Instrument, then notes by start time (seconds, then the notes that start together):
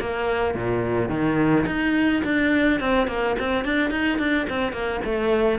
cello
0.00 A#3
0.55 A#2
1.09 D#3
1.66 D#4
2.24 D4
2.80 C4
3.07 A#3
3.39 C4
3.64 D4
3.91 D#4
4.19 D4
4.49 C4
4.73 A#3
5.04 A3